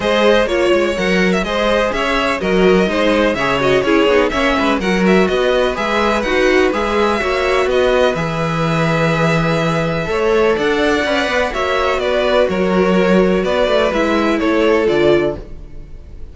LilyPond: <<
  \new Staff \with { instrumentName = "violin" } { \time 4/4 \tempo 4 = 125 dis''4 cis''4 fis''8. e''16 dis''4 | e''4 dis''2 e''8 dis''8 | cis''4 e''4 fis''8 e''8 dis''4 | e''4 fis''4 e''2 |
dis''4 e''2.~ | e''2 fis''2 | e''4 d''4 cis''2 | d''4 e''4 cis''4 d''4 | }
  \new Staff \with { instrumentName = "violin" } { \time 4/4 c''4 cis''2 c''4 | cis''4 ais'4 c''4 cis''4 | gis'4 cis''8 b'8 ais'4 b'4~ | b'2. cis''4 |
b'1~ | b'4 cis''4 d''2 | cis''4 b'4 ais'2 | b'2 a'2 | }
  \new Staff \with { instrumentName = "viola" } { \time 4/4 gis'4 f'4 ais'4 gis'4~ | gis'4 fis'4 dis'4 gis'8 fis'8 | e'8 dis'8 cis'4 fis'2 | gis'4 fis'4 gis'4 fis'4~ |
fis'4 gis'2.~ | gis'4 a'2 b'4 | fis'1~ | fis'4 e'2 f'4 | }
  \new Staff \with { instrumentName = "cello" } { \time 4/4 gis4 ais8 gis8 fis4 gis4 | cis'4 fis4 gis4 cis4 | cis'8 b8 ais8 gis8 fis4 b4 | gis4 dis'4 gis4 ais4 |
b4 e2.~ | e4 a4 d'4 cis'8 b8 | ais4 b4 fis2 | b8 a8 gis4 a4 d4 | }
>>